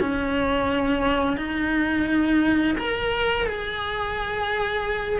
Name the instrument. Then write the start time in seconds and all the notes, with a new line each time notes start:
cello
0.00 C#4
1.37 D#4
2.78 A#4
3.46 G#4